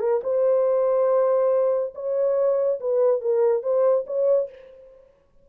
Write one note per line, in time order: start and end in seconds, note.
0.00 0.21 A#4
0.24 1.94 C5
1.95 2.80 C#5
2.81 3.21 B4
3.21 3.63 A#4
3.63 4.06 C5
4.07 4.50 C#5